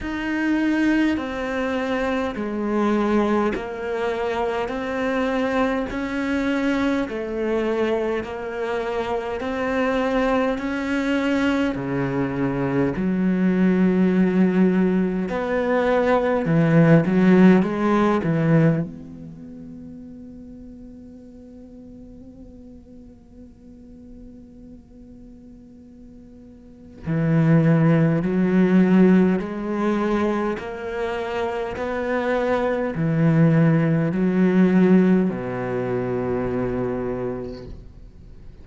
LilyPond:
\new Staff \with { instrumentName = "cello" } { \time 4/4 \tempo 4 = 51 dis'4 c'4 gis4 ais4 | c'4 cis'4 a4 ais4 | c'4 cis'4 cis4 fis4~ | fis4 b4 e8 fis8 gis8 e8 |
b1~ | b2. e4 | fis4 gis4 ais4 b4 | e4 fis4 b,2 | }